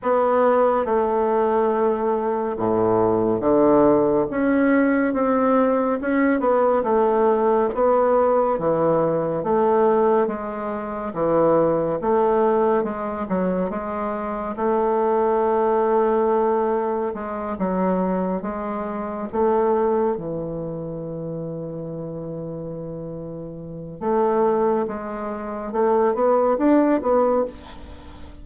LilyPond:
\new Staff \with { instrumentName = "bassoon" } { \time 4/4 \tempo 4 = 70 b4 a2 a,4 | d4 cis'4 c'4 cis'8 b8 | a4 b4 e4 a4 | gis4 e4 a4 gis8 fis8 |
gis4 a2. | gis8 fis4 gis4 a4 e8~ | e1 | a4 gis4 a8 b8 d'8 b8 | }